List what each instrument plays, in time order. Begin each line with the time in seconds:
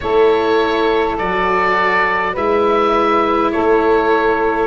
0.00 tuba A3, cello E4, saxophone A4, oboe C#5
1.18 tuba F#3, cello F#4, oboe D5
2.33 tuba G#3, cello E4, saxophone B4, oboe E5
3.51 tuba A3, saxophone A4, oboe C#5